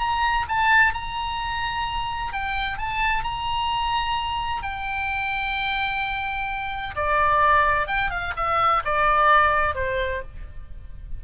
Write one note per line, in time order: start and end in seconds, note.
0.00 0.47 A#5
0.49 0.94 A5
0.94 2.33 A#5
2.33 2.78 G5
2.78 3.24 A5
3.24 4.63 A#5
4.63 6.96 G5
6.96 7.88 D5
7.88 8.11 G5
8.11 8.34 F5
8.37 8.84 E5
8.85 9.75 D5
9.75 10.22 C5